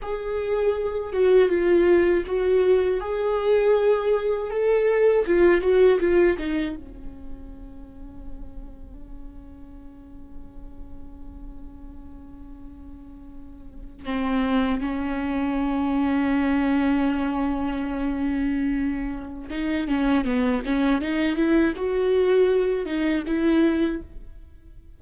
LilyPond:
\new Staff \with { instrumentName = "viola" } { \time 4/4 \tempo 4 = 80 gis'4. fis'8 f'4 fis'4 | gis'2 a'4 f'8 fis'8 | f'8 dis'8 cis'2.~ | cis'1~ |
cis'2~ cis'8. c'4 cis'16~ | cis'1~ | cis'2 dis'8 cis'8 b8 cis'8 | dis'8 e'8 fis'4. dis'8 e'4 | }